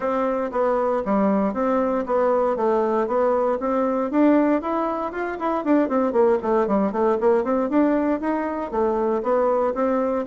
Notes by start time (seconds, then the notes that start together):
0.00 C4
0.51 B3
1.05 G3
1.53 C4
2.05 B3
2.56 A3
3.07 B3
3.60 C4
4.10 D4
4.61 E4
5.11 F4
5.39 E4
5.64 D4
5.88 C4
6.12 A#3
6.42 A3
6.67 G3
6.91 A3
7.20 A#3
7.44 C4
7.69 D4
8.20 D#4
8.71 A3
9.22 B3
9.74 C4